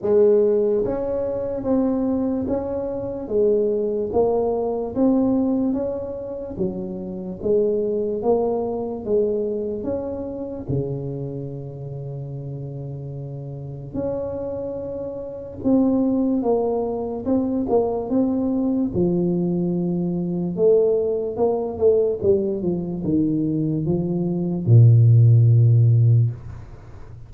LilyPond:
\new Staff \with { instrumentName = "tuba" } { \time 4/4 \tempo 4 = 73 gis4 cis'4 c'4 cis'4 | gis4 ais4 c'4 cis'4 | fis4 gis4 ais4 gis4 | cis'4 cis2.~ |
cis4 cis'2 c'4 | ais4 c'8 ais8 c'4 f4~ | f4 a4 ais8 a8 g8 f8 | dis4 f4 ais,2 | }